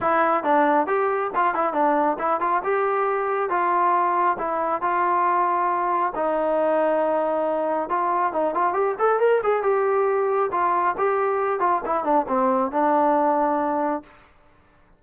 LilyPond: \new Staff \with { instrumentName = "trombone" } { \time 4/4 \tempo 4 = 137 e'4 d'4 g'4 f'8 e'8 | d'4 e'8 f'8 g'2 | f'2 e'4 f'4~ | f'2 dis'2~ |
dis'2 f'4 dis'8 f'8 | g'8 a'8 ais'8 gis'8 g'2 | f'4 g'4. f'8 e'8 d'8 | c'4 d'2. | }